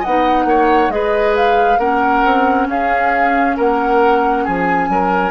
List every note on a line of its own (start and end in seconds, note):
0.00 0.44 D#5
0.00 0.91 F#5
0.06 0.45 B3
0.06 0.90 D#4
0.45 0.89 A#3
0.45 0.93 C#5
0.89 1.78 G#3
0.89 1.79 G#4
0.89 1.80 B4
0.89 1.35 D#5
1.37 1.80 F5
1.79 2.23 A#3
1.79 5.32 C#4
1.79 2.68 A#4
1.79 2.68 F#5
2.25 2.69 C4
2.69 3.57 C#4
2.69 3.57 G#4
2.69 3.58 F5
3.57 4.47 A#3
3.57 4.45 A#4
3.57 4.45 F#5
4.45 4.89 F3
4.45 4.89 G#4
4.45 5.32 G#5
4.89 5.32 F#3
4.89 5.32 A#4